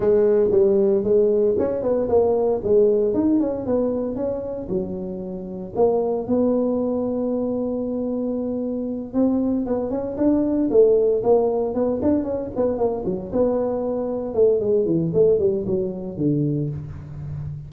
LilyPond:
\new Staff \with { instrumentName = "tuba" } { \time 4/4 \tempo 4 = 115 gis4 g4 gis4 cis'8 b8 | ais4 gis4 dis'8 cis'8 b4 | cis'4 fis2 ais4 | b1~ |
b4. c'4 b8 cis'8 d'8~ | d'8 a4 ais4 b8 d'8 cis'8 | b8 ais8 fis8 b2 a8 | gis8 e8 a8 g8 fis4 d4 | }